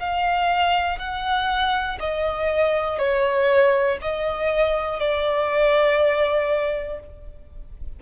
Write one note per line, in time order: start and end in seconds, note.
0.00 0.99 F5
0.99 1.99 F#5
2.00 2.99 D#5
2.99 3.99 C#5
4.02 5.00 D#5
5.00 7.00 D5